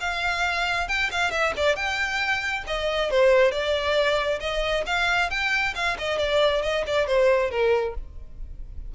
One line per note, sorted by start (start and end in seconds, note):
0.00 0.88 F5
0.88 1.10 G5
1.11 1.31 F5
1.31 1.53 E5
1.57 1.76 D5
1.76 2.64 G5
2.67 3.11 D#5
3.11 3.51 C5
3.51 4.39 D5
4.40 4.84 D#5
4.86 5.30 F5
5.30 5.74 G5
5.75 5.97 F5
5.98 6.18 D#5
6.18 6.62 D5
6.62 6.84 D#5
6.86 7.07 D5
7.07 7.50 C5
7.50 7.95 A#4